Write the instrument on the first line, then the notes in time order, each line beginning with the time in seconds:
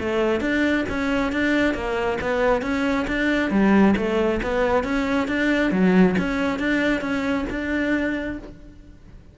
cello
0.00 A3
0.41 D4
0.89 C#4
1.32 D4
1.74 A#3
2.21 B3
2.62 C#4
3.07 D4
3.51 G3
3.96 A3
4.42 B3
4.84 C#4
5.28 D4
5.71 F#3
6.19 C#4
6.59 D4
7.01 C#4
7.50 D4